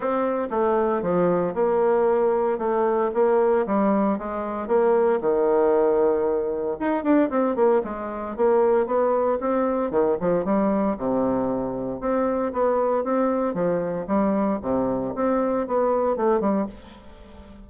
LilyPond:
\new Staff \with { instrumentName = "bassoon" } { \time 4/4 \tempo 4 = 115 c'4 a4 f4 ais4~ | ais4 a4 ais4 g4 | gis4 ais4 dis2~ | dis4 dis'8 d'8 c'8 ais8 gis4 |
ais4 b4 c'4 dis8 f8 | g4 c2 c'4 | b4 c'4 f4 g4 | c4 c'4 b4 a8 g8 | }